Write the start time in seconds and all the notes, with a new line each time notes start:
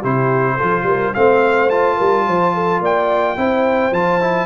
0.00 C3 E4 G4 C5
0.56 F3 F4 A4
0.83 G3 A#4
1.14 A3 C4 C5 F5
1.70 F4 A5
1.96 G3 A#4
2.27 F3 C5
2.54 A4
2.81 A#3 D5 G5
3.37 C4 E4 C5
3.91 F3 F4 A5
4.21 E4